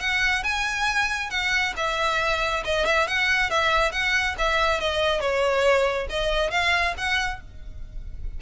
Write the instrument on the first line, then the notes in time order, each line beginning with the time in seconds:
violin
0.00 F#5
0.43 G#5
1.30 F#5
1.77 E5
2.65 D#5
2.86 E5
3.08 F#5
3.50 E5
3.92 F#5
4.38 E5
4.80 D#5
5.20 C#5
6.09 D#5
6.51 F5
6.97 F#5